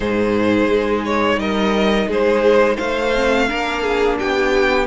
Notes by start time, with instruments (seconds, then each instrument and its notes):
0.00 cello G#2, viola D#4, violin G#4 C5
0.69 cello G#3
1.05 violin C#5
1.36 cello G3, violin A#4 D#5
2.07 cello G#3, violin G#4 C5
2.76 cello A3, violin C5 F5
3.14 viola C4
3.48 cello A#3, viola D4, violin A#4
3.83 violin G#4
4.18 cello B3, violin G4 G5